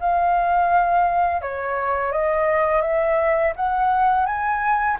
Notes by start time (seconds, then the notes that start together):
0.00 F5
1.42 C#5
2.12 D#5
2.82 E5
3.56 F#5
4.26 G#5